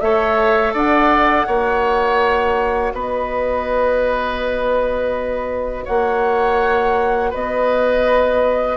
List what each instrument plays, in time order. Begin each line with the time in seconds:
0.00 bassoon A3, clarinet A4, oboe C#5, flute E5
0.73 bassoon D4, oboe D5, flute F#5
1.47 bassoon A#3, clarinet F#4, oboe C#5
2.93 bassoon B3, oboe B4, flute D#5
5.85 bassoon A#3, oboe C#5, flute F#5
7.30 bassoon B3, oboe B4, flute D#5